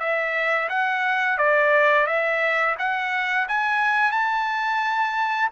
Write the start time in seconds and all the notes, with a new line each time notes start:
0.00 E5
0.69 F#5
1.38 D5
2.07 E5
2.79 F#5
3.49 G#5
4.12 A5